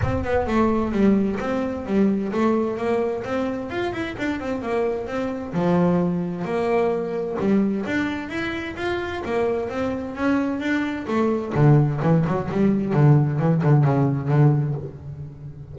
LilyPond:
\new Staff \with { instrumentName = "double bass" } { \time 4/4 \tempo 4 = 130 c'8 b8 a4 g4 c'4 | g4 a4 ais4 c'4 | f'8 e'8 d'8 c'8 ais4 c'4 | f2 ais2 |
g4 d'4 e'4 f'4 | ais4 c'4 cis'4 d'4 | a4 d4 e8 fis8 g4 | d4 e8 d8 cis4 d4 | }